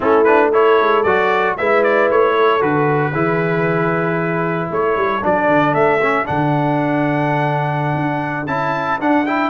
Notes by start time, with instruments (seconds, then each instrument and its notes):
0.00 tuba A3, trombone C#4, horn E4, trumpet A4
0.24 trombone D4, trumpet B4
0.52 trombone E4, horn A4, trumpet C#5
0.80 tuba G#3
1.03 tuba F#3, trombone F#4, trumpet D5
1.57 tuba G#3, trombone E4, horn B4, trumpet E5
1.83 trumpet D5
2.10 tuba A3, trumpet C#5
2.35 horn A4
2.60 tuba D3, trombone F#4, trumpet B4
3.12 tuba E3, trombone E4, horn G#4
4.69 tuba A3, horn A4, trumpet C#5
4.96 tuba G3
5.22 tuba F#3, trombone D4, trumpet D5
5.48 tuba D3
5.74 tuba A3, trumpet E5
6.02 trombone C#4
6.25 tuba D3, trombone D4, trumpet F#5
7.95 tuba D4
8.47 tuba C#4, trombone E4, trumpet A5
8.99 tuba D4, trombone D4, trumpet F#5
9.26 trombone E4, trumpet G5